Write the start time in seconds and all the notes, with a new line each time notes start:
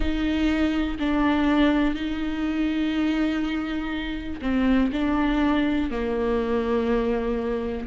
0.00 D#4
0.99 D4
1.94 D#4
4.41 C4
4.92 D4
5.90 A#3